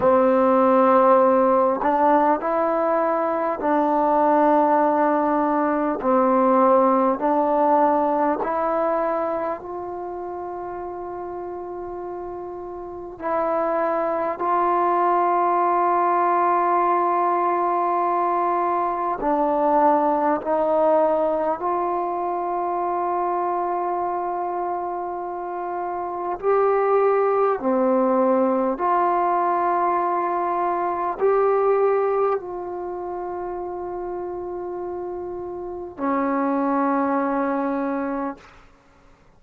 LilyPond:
\new Staff \with { instrumentName = "trombone" } { \time 4/4 \tempo 4 = 50 c'4. d'8 e'4 d'4~ | d'4 c'4 d'4 e'4 | f'2. e'4 | f'1 |
d'4 dis'4 f'2~ | f'2 g'4 c'4 | f'2 g'4 f'4~ | f'2 cis'2 | }